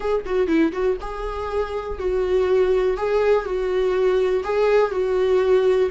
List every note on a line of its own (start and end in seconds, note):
0.00 0.25 G#4
0.25 0.47 F#4
0.47 0.71 E4
0.72 0.97 F#4
1.00 1.99 G#4
1.99 2.97 F#4
2.97 3.45 G#4
3.45 4.43 F#4
4.44 4.91 G#4
4.91 5.89 F#4